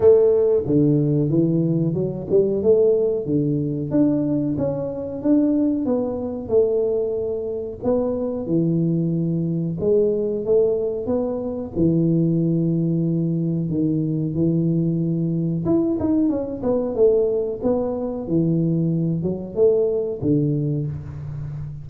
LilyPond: \new Staff \with { instrumentName = "tuba" } { \time 4/4 \tempo 4 = 92 a4 d4 e4 fis8 g8 | a4 d4 d'4 cis'4 | d'4 b4 a2 | b4 e2 gis4 |
a4 b4 e2~ | e4 dis4 e2 | e'8 dis'8 cis'8 b8 a4 b4 | e4. fis8 a4 d4 | }